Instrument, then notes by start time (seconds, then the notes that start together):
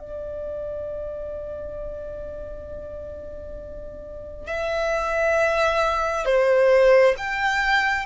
violin
0.00 D5
4.47 E5
6.26 C5
7.18 G5